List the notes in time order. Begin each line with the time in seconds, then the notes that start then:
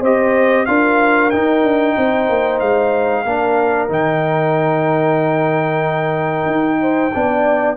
0.00 C4 G4 C5 D#5
0.65 D4 F4 A#4 F5
1.30 D#4 G5
1.63 D4
1.97 C4 C5
2.29 A#3
2.60 G#3 F5
3.24 A#3 D4 A#4
3.88 D#3 D#4 G5
6.46 D#4
6.81 C5
7.13 B3 D4 D5